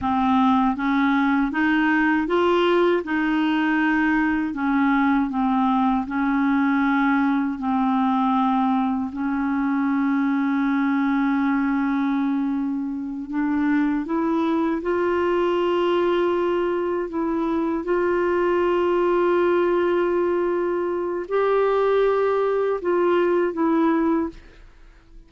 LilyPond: \new Staff \with { instrumentName = "clarinet" } { \time 4/4 \tempo 4 = 79 c'4 cis'4 dis'4 f'4 | dis'2 cis'4 c'4 | cis'2 c'2 | cis'1~ |
cis'4. d'4 e'4 f'8~ | f'2~ f'8 e'4 f'8~ | f'1 | g'2 f'4 e'4 | }